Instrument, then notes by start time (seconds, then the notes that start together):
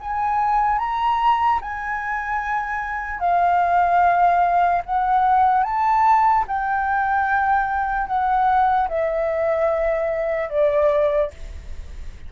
flute
0.00 G#5
0.79 A#5
1.61 G#5
3.20 F5
4.85 F#5
5.63 A5
6.47 G5
8.07 F#5
8.89 E5
10.49 D5